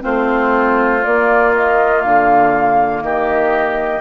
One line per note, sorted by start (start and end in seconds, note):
0.00 1.05 A3
0.00 1.00 C4
0.00 3.03 F4
0.00 1.04 C5
1.02 4.01 A#3
1.02 2.04 A#3
1.02 1.54 D5
1.55 2.01 D#5
2.01 3.02 D3
2.01 3.01 F5
3.02 4.01 D#3
3.02 4.01 G4
3.02 4.01 D#5